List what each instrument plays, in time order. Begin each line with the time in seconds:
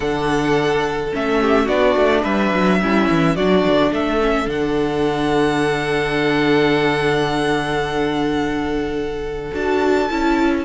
0.00 cello D3, viola D4, violin A4 F#5
1.12 cello A3, viola C#4, violin E5
1.41 violin G4
1.65 cello B3, viola D4, violin F#4 D5
1.96 cello A3
2.22 cello G3, violin B4 E5
2.53 cello F#3
2.80 cello G3, viola C#4, violin E4
3.09 cello E3
3.35 cello F#3, viola D4, violin F#4 D5
3.66 cello D3
3.91 cello A3, violin A4 E5
4.21 viola C#4
4.46 cello D3, viola D4, violin F#5
9.52 cello D4, viola F#4, violin A5
10.09 cello C#4, viola E4